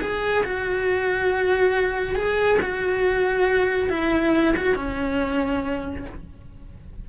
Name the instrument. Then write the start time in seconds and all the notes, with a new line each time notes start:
cello
0.00 G#4
0.44 F#4
2.15 G#4
2.61 F#4
3.89 E4
4.56 F#4
4.75 C#4